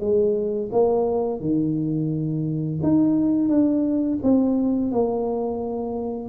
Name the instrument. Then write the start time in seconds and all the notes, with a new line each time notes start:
tuba
0.00 G#3
0.72 A#3
1.40 D#3
2.83 D#4
3.49 D4
4.23 C4
4.92 A#3